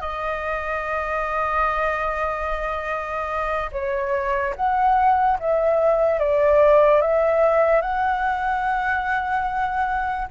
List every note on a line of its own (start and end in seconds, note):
0.00 3.70 D#5
3.72 4.54 C#5
4.56 5.38 F#5
5.39 6.19 E5
6.19 7.01 D5
7.01 7.81 E5
7.81 10.27 F#5